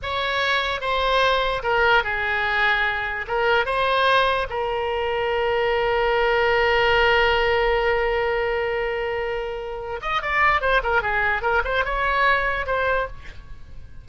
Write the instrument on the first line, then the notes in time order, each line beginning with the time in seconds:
oboe
0.02 C#5
0.81 C5
1.62 A#4
2.03 G#4
3.27 A#4
3.65 C5
4.49 A#4
10.01 D#5
10.22 D5
10.61 C5
10.83 A#4
11.02 G#4
11.42 A#4
11.64 C5
11.84 C#5
12.66 C5